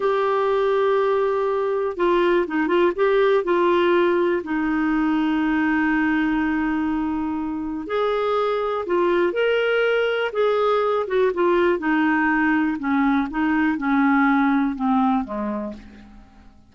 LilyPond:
\new Staff \with { instrumentName = "clarinet" } { \time 4/4 \tempo 4 = 122 g'1 | f'4 dis'8 f'8 g'4 f'4~ | f'4 dis'2.~ | dis'1 |
gis'2 f'4 ais'4~ | ais'4 gis'4. fis'8 f'4 | dis'2 cis'4 dis'4 | cis'2 c'4 gis4 | }